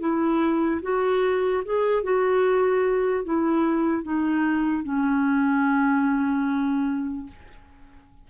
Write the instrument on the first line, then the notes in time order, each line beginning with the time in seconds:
clarinet
0.00 E4
0.83 F#4
1.65 G#4
2.03 F#4
3.25 E4
4.04 D#4
4.84 C#4